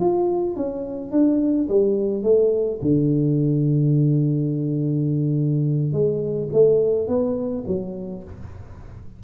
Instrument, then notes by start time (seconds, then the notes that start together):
tuba
0.00 F4
0.57 C#4
1.12 D4
1.69 G3
2.23 A3
2.82 D3
5.93 G#3
6.53 A3
7.08 B3
7.67 F#3